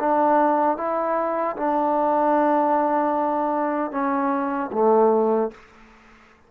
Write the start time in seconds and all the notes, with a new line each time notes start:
0.00 D4
0.78 E4
1.57 D4
3.92 C#4
4.73 A3